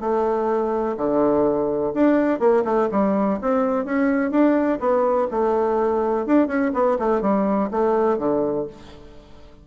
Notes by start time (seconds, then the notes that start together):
0.00 A3
0.97 D3
1.94 D4
2.39 A#3
2.64 A3
2.91 G3
3.41 C4
3.85 C#4
4.31 D4
4.80 B3
5.31 A3
6.26 D4
6.47 C#4
6.74 B3
6.99 A3
7.22 G3
7.71 A3
8.18 D3